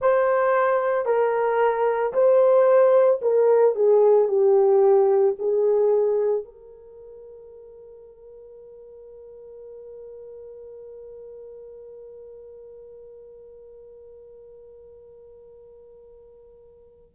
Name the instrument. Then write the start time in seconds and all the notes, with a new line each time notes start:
horn
0.00 C5
1.05 A#4
2.13 C5
3.21 A#4
3.75 G#4
4.28 G4
5.39 G#4
6.44 A#4